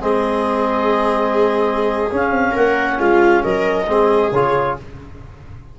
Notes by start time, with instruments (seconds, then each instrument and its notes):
0.00 tuba G#3, trombone C4, viola G#4, clarinet D#5
2.10 trombone C#4, tuba C#4, clarinet F5
2.30 tuba C4
2.51 tuba A#3, viola A#4, clarinet F#5
2.98 tuba G#3, viola F4, clarinet F5
3.43 tuba F#3, viola A#4, clarinet D#5
3.87 tuba G#3, trombone C4, viola G#4
4.32 tuba C#3, trombone F4, clarinet C#5